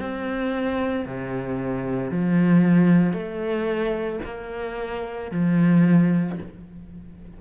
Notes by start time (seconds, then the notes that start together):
0.00 C4
1.06 C3
2.11 F3
3.13 A3
4.25 A#3
5.32 F3